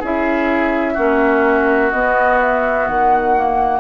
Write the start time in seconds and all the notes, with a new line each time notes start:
0.00 C#4 E4 G#4 E5
0.94 A#3 C#4 F#4
1.91 B3 D#5
2.41 E5
2.87 D#3 F#5
3.35 A#3